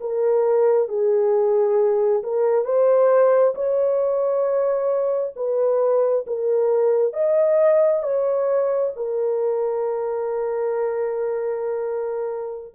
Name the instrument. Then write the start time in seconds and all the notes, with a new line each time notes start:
horn
0.00 A#4
0.88 G#4
2.23 A#4
2.65 C5
3.55 C#5
5.36 B4
6.26 A#4
7.13 D#5
8.02 C#5
8.96 A#4